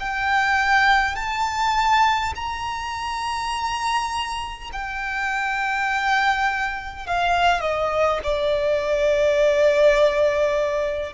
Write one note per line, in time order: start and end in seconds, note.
0.00 1.16 G5
1.16 2.34 A5
2.36 4.71 A#5
4.73 7.07 G5
7.07 7.61 F5
7.61 8.20 D#5
8.24 11.14 D5